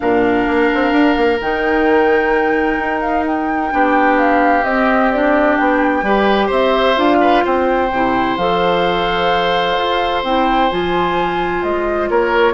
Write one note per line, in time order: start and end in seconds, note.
0.00 0.47 A#2
0.00 1.38 D4
0.00 3.73 A#4
0.00 1.40 F5
0.47 0.70 A#3
0.74 0.92 C4
0.92 1.15 D4
1.16 1.40 A#3
1.40 2.79 D#3
1.40 3.70 D#4
1.40 3.00 G5
2.79 3.72 D#4
3.00 3.24 F5
3.25 4.17 G5
3.70 4.63 B3
3.70 4.63 D4
3.70 6.04 G4
4.17 4.64 F5
4.63 5.56 C4
4.63 5.12 C4
4.63 5.11 D#5
5.11 6.04 D4
5.11 5.56 D5
5.56 6.02 B3
5.56 6.49 G5
6.02 6.49 G3
6.02 6.95 G4
6.02 6.46 B4
6.46 6.97 C4
6.46 7.16 C5
6.46 6.98 E5
6.95 7.43 D4
6.95 7.88 F4
6.95 7.44 F5
7.20 7.44 B4
7.44 7.91 C4
7.44 12.09 C5
7.44 8.37 G5
7.91 8.37 C3
7.91 8.39 E4
8.37 9.76 F3
8.37 10.25 A4
8.37 10.23 F5
9.77 10.23 F4
10.23 10.70 C4
10.23 10.70 E4
10.23 10.69 G5
10.69 11.63 F3
10.69 12.53 F4
10.69 11.62 G#5
11.62 12.09 G#3
11.62 12.09 D#5
12.09 12.53 A#3
12.09 12.53 A#4
12.09 12.53 C#5